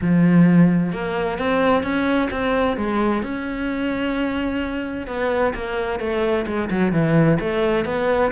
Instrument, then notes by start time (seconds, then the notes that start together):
cello
0.01 F3
0.92 A#3
1.38 C4
1.83 C#4
2.31 C4
2.76 G#3
3.22 C#4
5.07 B3
5.54 A#3
5.99 A3
6.46 G#3
6.70 F#3
6.92 E3
7.40 A3
7.85 B3